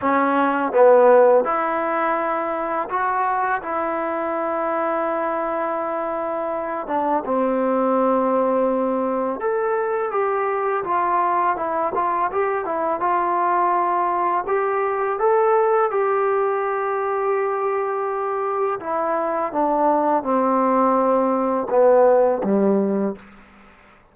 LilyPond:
\new Staff \with { instrumentName = "trombone" } { \time 4/4 \tempo 4 = 83 cis'4 b4 e'2 | fis'4 e'2.~ | e'4. d'8 c'2~ | c'4 a'4 g'4 f'4 |
e'8 f'8 g'8 e'8 f'2 | g'4 a'4 g'2~ | g'2 e'4 d'4 | c'2 b4 g4 | }